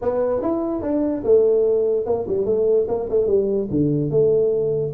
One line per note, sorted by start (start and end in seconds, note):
0.01 0.41 B3
0.41 0.82 E4
0.82 1.23 D4
1.24 2.05 A3
2.05 2.26 A#3
2.27 2.45 G3
2.45 2.86 A3
2.88 3.08 A#3
3.09 3.27 A3
3.27 3.68 G3
3.70 4.10 D3
4.10 4.92 A3